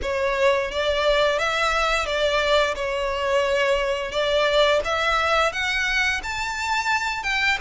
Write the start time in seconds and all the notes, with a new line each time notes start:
0.02 C#5
0.71 D5
1.38 E5
2.05 D5
2.75 C#5
4.11 D5
4.84 E5
5.52 F#5
6.23 A5
7.23 G5